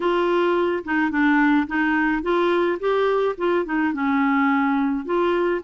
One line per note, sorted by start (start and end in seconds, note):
0.00 0.83 F4
0.84 1.10 D#4
1.10 1.66 D4
1.67 2.22 D#4
2.22 2.78 F4
2.79 3.35 G4
3.37 3.65 F4
3.65 3.93 D#4
3.93 5.05 C#4
5.05 5.61 F4